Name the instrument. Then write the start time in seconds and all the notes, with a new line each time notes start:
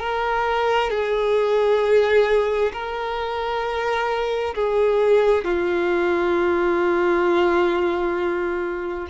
violin
0.00 A#4
0.90 G#4
2.73 A#4
4.55 G#4
5.45 F4